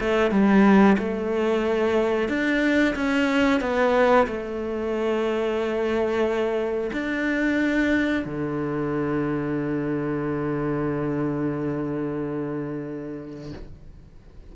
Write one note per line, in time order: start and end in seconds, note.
0.00 0.31 A3
0.31 0.97 G3
0.98 2.28 A3
2.28 2.94 D4
2.95 3.60 C#4
3.60 4.26 B3
4.26 6.90 A3
6.93 8.24 D4
8.25 13.53 D3